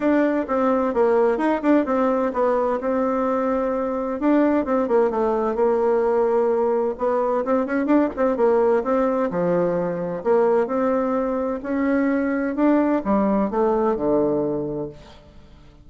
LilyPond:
\new Staff \with { instrumentName = "bassoon" } { \time 4/4 \tempo 4 = 129 d'4 c'4 ais4 dis'8 d'8 | c'4 b4 c'2~ | c'4 d'4 c'8 ais8 a4 | ais2. b4 |
c'8 cis'8 d'8 c'8 ais4 c'4 | f2 ais4 c'4~ | c'4 cis'2 d'4 | g4 a4 d2 | }